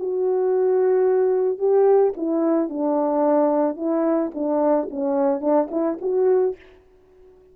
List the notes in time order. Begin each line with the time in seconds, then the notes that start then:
0.00 F#4
1.59 G4
2.17 E4
2.70 D4
3.77 E4
4.35 D4
4.91 C#4
5.41 D4
5.71 E4
6.02 F#4